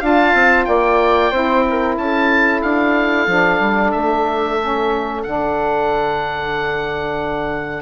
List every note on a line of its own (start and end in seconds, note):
0.00 0.34 D4
0.00 1.30 F4
0.00 0.65 F5
0.00 0.65 A5
0.34 0.66 C4
0.65 1.32 A#3
0.65 1.31 D5
0.65 1.95 G5
1.31 1.97 C4
1.31 3.28 E4
1.31 1.64 C5
1.70 1.98 A#4
1.97 2.62 C#4
1.97 7.82 A4
1.97 2.62 A5
2.62 3.27 D4
2.62 3.91 F5
3.27 3.60 F3
3.27 4.59 D4
3.60 3.92 G3
3.91 5.26 A3
3.91 5.22 E5
4.59 5.25 C#4
5.23 7.82 D3
5.23 7.82 D4
5.23 7.82 F#5